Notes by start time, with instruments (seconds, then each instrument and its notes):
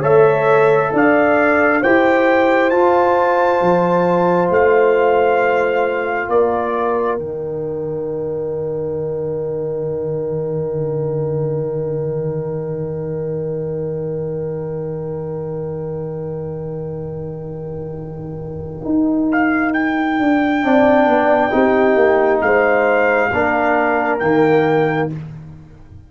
0.00 tuba A3, trombone A4, horn C#5, trumpet E5
0.94 tuba D4, horn D5, trumpet F5
1.81 tuba E4, trombone G4, horn C5, trumpet G5
2.70 tuba F4, trombone F4, trumpet A5
3.61 tuba F3
4.50 tuba A3, trumpet F5
6.29 tuba A#3, horn A#4, trumpet D5
7.18 tuba D#3, trombone D#4, trumpet G5
18.85 tuba D#4
19.32 trumpet F5
19.74 trumpet G5
20.20 tuba D4
20.63 tuba C4, trombone D4, horn D5
21.07 tuba B3
21.51 tuba C4, trombone D#4, horn G4
21.96 tuba A#3
22.41 tuba G#3, horn C5, trumpet F5
23.31 tuba A#3, trombone D4, horn A#4
24.20 tuba D#3, trombone A#3, trumpet G5